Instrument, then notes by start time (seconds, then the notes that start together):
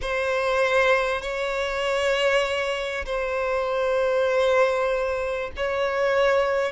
violin
0.01 C5
1.21 C#5
3.05 C5
5.56 C#5